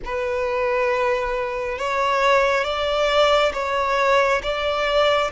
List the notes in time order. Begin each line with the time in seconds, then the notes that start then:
0.04 B4
1.78 C#5
2.64 D5
3.53 C#5
4.42 D5